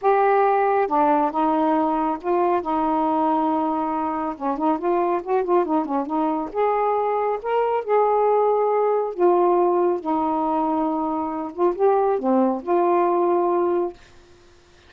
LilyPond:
\new Staff \with { instrumentName = "saxophone" } { \time 4/4 \tempo 4 = 138 g'2 d'4 dis'4~ | dis'4 f'4 dis'2~ | dis'2 cis'8 dis'8 f'4 | fis'8 f'8 dis'8 cis'8 dis'4 gis'4~ |
gis'4 ais'4 gis'2~ | gis'4 f'2 dis'4~ | dis'2~ dis'8 f'8 g'4 | c'4 f'2. | }